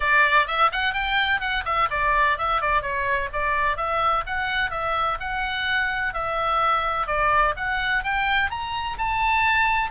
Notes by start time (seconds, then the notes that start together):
0.00 D5
0.47 E5
0.72 F#5
0.93 G5
1.40 F#5
1.65 E5
1.90 D5
2.38 E5
2.61 D5
2.82 C#5
3.33 D5
3.76 E5
4.26 F#5
4.70 E5
5.20 F#5
6.13 E5
7.07 D5
7.56 F#5
8.03 G5
8.50 A#5
8.98 A5